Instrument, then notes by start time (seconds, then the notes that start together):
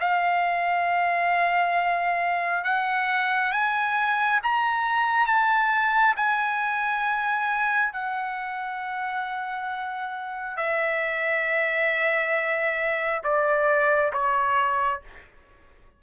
trumpet
0.00 F5
2.64 F#5
3.52 G#5
4.44 A#5
5.27 A5
6.16 G#5
7.93 F#5
10.57 E5
13.24 D5
14.13 C#5